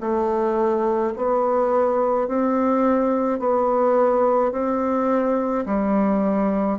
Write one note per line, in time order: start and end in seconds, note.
0.00 1.13 A3
1.16 2.28 B3
2.28 3.40 C4
3.40 4.52 B3
4.52 5.65 C4
5.66 6.79 G3